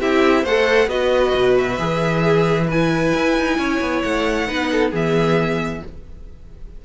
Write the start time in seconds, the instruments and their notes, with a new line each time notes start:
0.00 cello C4, viola E4, violin G4 E5
0.42 cello A3, viola A4, violin C5 F#5
0.87 cello B3, viola F#4, violin B4 D#5
1.35 cello B2
1.58 violin E5
1.79 cello E3, viola G#4
2.24 violin G#4
2.67 viola E4, violin B4 G#5
3.15 cello E4
3.37 cello D#4
3.58 cello C#4, violin C#5
3.81 cello B3
4.02 cello A3, violin F#5
4.47 cello B3, viola D#4, violin B4
4.72 violin A4
4.91 cello E3, viola B3, violin G#4 E5